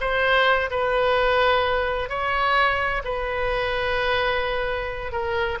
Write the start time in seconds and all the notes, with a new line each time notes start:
0.00 C5
0.70 B4
2.09 C#5
3.04 B4
5.12 A#4